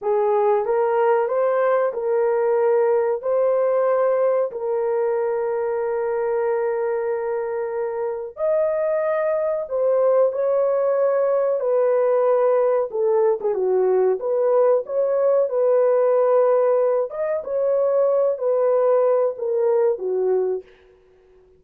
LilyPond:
\new Staff \with { instrumentName = "horn" } { \time 4/4 \tempo 4 = 93 gis'4 ais'4 c''4 ais'4~ | ais'4 c''2 ais'4~ | ais'1~ | ais'4 dis''2 c''4 |
cis''2 b'2 | a'8. gis'16 fis'4 b'4 cis''4 | b'2~ b'8 dis''8 cis''4~ | cis''8 b'4. ais'4 fis'4 | }